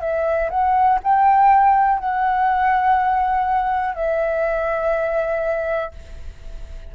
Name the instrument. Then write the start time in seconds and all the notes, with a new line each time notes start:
flute
0.00 E5
0.50 F#5
1.03 G5
1.99 F#5
3.94 E5